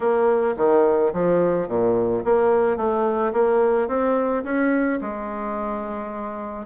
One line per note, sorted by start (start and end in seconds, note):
0.00 0.55 A#3
0.57 1.12 D#3
1.13 1.68 F3
1.68 2.23 A#2
2.24 2.76 A#3
2.76 3.32 A3
3.33 3.88 A#3
3.88 4.43 C4
4.44 4.99 C#4
5.01 6.66 G#3